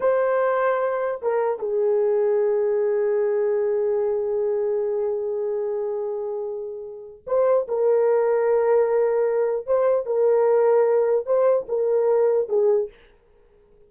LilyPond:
\new Staff \with { instrumentName = "horn" } { \time 4/4 \tempo 4 = 149 c''2. ais'4 | gis'1~ | gis'1~ | gis'1~ |
gis'2 c''4 ais'4~ | ais'1 | c''4 ais'2. | c''4 ais'2 gis'4 | }